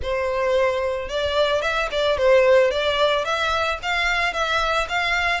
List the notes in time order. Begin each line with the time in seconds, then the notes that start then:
0.02 C5
1.09 D5
1.61 E5
1.91 D5
2.17 C5
2.70 D5
3.24 E5
3.82 F5
4.33 E5
4.88 F5